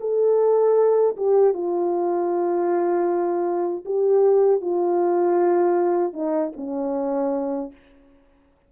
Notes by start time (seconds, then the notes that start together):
0.00 A4
1.16 G4
1.53 F4
3.85 G4
4.61 F4
6.13 D#4
6.56 C#4